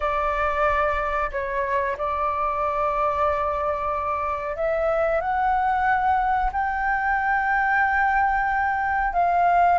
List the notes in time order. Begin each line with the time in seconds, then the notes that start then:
0.00 D5
1.31 C#5
1.97 D5
4.56 E5
5.20 F#5
6.52 G5
9.13 F5